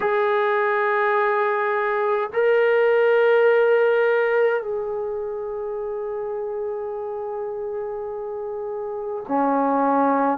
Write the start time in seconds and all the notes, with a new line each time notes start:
0.00 G#4
2.33 A#4
4.62 G#4
9.28 C#4